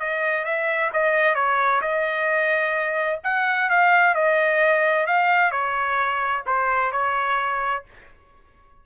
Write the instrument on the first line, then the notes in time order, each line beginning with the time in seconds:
trumpet
0.00 D#5
0.45 E5
0.93 D#5
1.35 C#5
1.82 D#5
3.24 F#5
3.70 F5
4.15 D#5
5.07 F5
5.52 C#5
6.46 C5
6.92 C#5